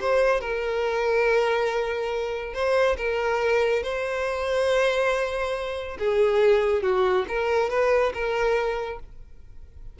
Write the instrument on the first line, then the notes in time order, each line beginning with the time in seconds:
violin
0.00 C5
0.40 A#4
2.53 C5
2.97 A#4
3.83 C5
5.98 G#4
6.82 F#4
7.28 A#4
7.69 B4
8.14 A#4